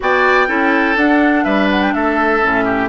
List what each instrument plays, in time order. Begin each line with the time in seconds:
0.00 bassoon B3, clarinet F#4, oboe D5, flute G5
0.47 bassoon C#4, clarinet E4, oboe A4
0.96 bassoon D4, clarinet D4, flute F#5
1.44 bassoon G3, oboe B4, flute E5
1.71 flute F#5
1.82 flute G5
1.93 bassoon A3, oboe A4, flute E5
2.41 bassoon A2, clarinet C#4
2.64 oboe G4